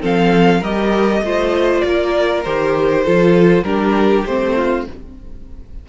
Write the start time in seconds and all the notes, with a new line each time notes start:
0.00 F3 C4 A4 F5
0.60 G3 G4 A#4 D#5
1.21 A3 F4 C5
1.80 A#3 A#4 D5
2.43 D#3 G4 C5
3.03 F3 F4 A4
3.63 G3 D4 G4 A#4
4.26 A3 C4 C5
4.55 F4